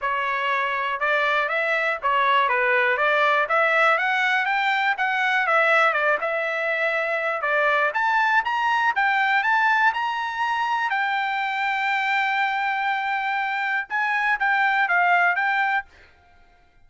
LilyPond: \new Staff \with { instrumentName = "trumpet" } { \time 4/4 \tempo 4 = 121 cis''2 d''4 e''4 | cis''4 b'4 d''4 e''4 | fis''4 g''4 fis''4 e''4 | d''8 e''2~ e''8 d''4 |
a''4 ais''4 g''4 a''4 | ais''2 g''2~ | g''1 | gis''4 g''4 f''4 g''4 | }